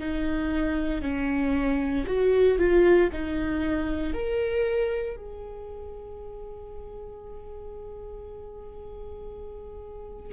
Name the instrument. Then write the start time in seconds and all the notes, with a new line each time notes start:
viola
0.00 D#4
1.02 C#4
2.07 F#4
2.59 F4
3.13 D#4
4.14 A#4
5.17 G#4